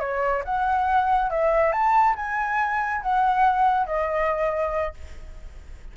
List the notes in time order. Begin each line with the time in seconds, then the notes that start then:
0.00 C#5
0.45 F#5
1.30 E5
1.72 A5
2.16 G#5
3.02 F#5
3.87 D#5